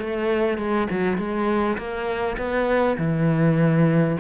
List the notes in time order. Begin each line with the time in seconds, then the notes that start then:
0.00 A3
0.58 G#3
0.90 F#3
1.18 G#3
1.77 A#3
2.38 B3
2.98 E3